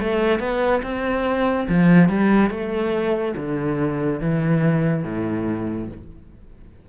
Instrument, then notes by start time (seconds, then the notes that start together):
cello
0.00 A3
0.40 B3
0.83 C4
1.69 F3
2.09 G3
2.50 A3
3.36 D3
4.21 E3
5.04 A2